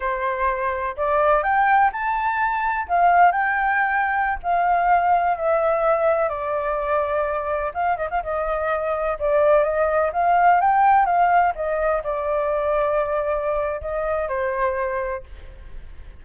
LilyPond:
\new Staff \with { instrumentName = "flute" } { \time 4/4 \tempo 4 = 126 c''2 d''4 g''4 | a''2 f''4 g''4~ | g''4~ g''16 f''2 e''8.~ | e''4~ e''16 d''2~ d''8.~ |
d''16 f''8 dis''16 f''16 dis''2 d''8.~ | d''16 dis''4 f''4 g''4 f''8.~ | f''16 dis''4 d''2~ d''8.~ | d''4 dis''4 c''2 | }